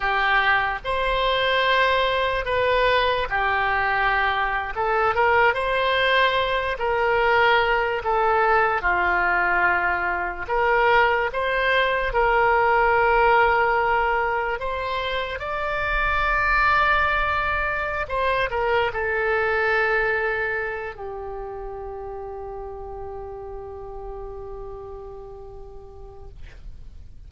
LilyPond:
\new Staff \with { instrumentName = "oboe" } { \time 4/4 \tempo 4 = 73 g'4 c''2 b'4 | g'4.~ g'16 a'8 ais'8 c''4~ c''16~ | c''16 ais'4. a'4 f'4~ f'16~ | f'8. ais'4 c''4 ais'4~ ais'16~ |
ais'4.~ ais'16 c''4 d''4~ d''16~ | d''2 c''8 ais'8 a'4~ | a'4. g'2~ g'8~ | g'1 | }